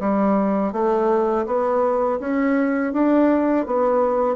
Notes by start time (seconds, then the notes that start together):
0.00 G3
0.73 A3
1.46 B3
2.20 C#4
2.93 D4
3.66 B3